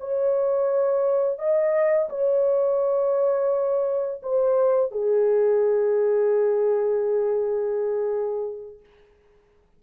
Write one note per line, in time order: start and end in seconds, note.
0.00 1.39 C#5
1.39 2.09 D#5
2.10 4.22 C#5
4.23 4.92 C5
4.92 8.80 G#4